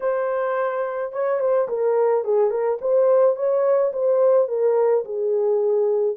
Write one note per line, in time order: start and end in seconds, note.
0.00 1.12 C5
1.12 1.40 C#5
1.40 1.68 C5
1.68 2.24 A#4
2.24 2.50 G#4
2.50 2.78 A#4
2.81 3.35 C5
3.35 3.92 C#5
3.93 4.48 C5
4.48 5.04 A#4
5.04 6.16 G#4